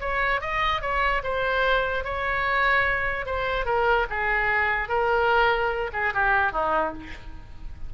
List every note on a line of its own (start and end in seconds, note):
0.00 0.41 C#5
0.41 0.81 D#5
0.81 1.22 C#5
1.23 2.04 C5
2.04 3.26 C#5
3.26 3.65 C5
3.65 4.06 A#4
4.09 4.88 G#4
4.88 5.90 A#4
5.93 6.13 G#4
6.13 6.52 G4
6.52 6.93 D#4